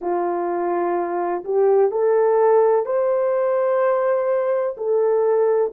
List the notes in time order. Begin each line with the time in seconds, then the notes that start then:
0.01 F4
1.44 G4
1.91 A4
2.85 C5
4.77 A4